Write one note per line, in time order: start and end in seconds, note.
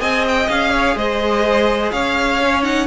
0.00 0.48 C4
0.00 2.40 G#4
0.00 0.70 D#5
0.00 0.24 G#5
0.28 0.49 G5
0.48 0.95 C#4
0.48 0.97 F5
0.70 0.95 C#5
0.95 1.91 G#3
0.95 1.92 C5
0.95 1.91 D#5
1.91 2.87 C#4
1.91 2.87 C#5
1.91 2.63 F5
2.42 2.63 C#4
2.63 2.87 D#4
2.63 2.87 F#5